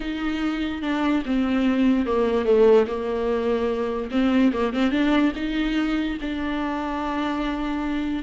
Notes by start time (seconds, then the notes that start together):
0.00 D#4
0.82 D4
1.25 C4
2.06 A#3
2.45 A3
2.87 A#3
4.11 C4
4.52 A#3
4.73 C4
4.91 D4
5.35 D#4
6.21 D4